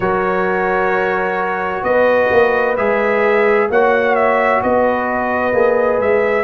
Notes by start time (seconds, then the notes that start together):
0.00 F#3 F#4 A#4 C#5
1.82 B3 B4 D#5
2.31 A#3
2.77 G#3 G#4 E5
3.69 A#3 F#4 C#5 F#5
4.15 E5
4.62 B3 B4 D#5
5.53 A#3 G#4
5.98 G#3 E5